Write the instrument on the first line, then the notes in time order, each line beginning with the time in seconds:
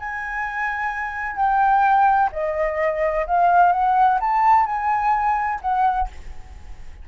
flute
0.00 G#5
1.37 G5
2.33 D#5
3.27 F5
3.73 F#5
4.21 A5
4.66 G#5
5.62 F#5